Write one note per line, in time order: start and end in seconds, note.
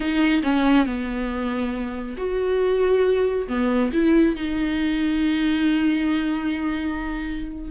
0.00 0.42 D#4
0.43 0.86 C#4
0.86 2.16 B3
2.17 3.47 F#4
3.48 3.91 B3
3.92 4.35 E4
4.35 7.71 D#4